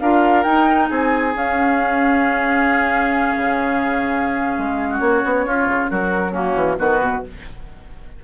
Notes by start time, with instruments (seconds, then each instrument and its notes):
0.00 bassoon D4, clarinet F4, oboe A#4, flute F5
0.44 bassoon D#4, clarinet D#4, flute G5
0.90 bassoon C4, oboe G#4, flute G#5
1.35 bassoon C#4, clarinet C#4, flute F5
3.37 bassoon C#3
4.58 bassoon G#3
4.90 oboe F#4
4.99 bassoon A#3, flute C#5
5.25 bassoon B3
5.47 bassoon C#4, oboe F4
5.67 bassoon C#3
5.91 bassoon F#3, oboe F#4, flute A#4
6.32 clarinet A#3, oboe C#4, flute F#4
6.55 bassoon E3
6.79 bassoon D#3, clarinet B3, oboe F#4, flute B4
7.01 bassoon B2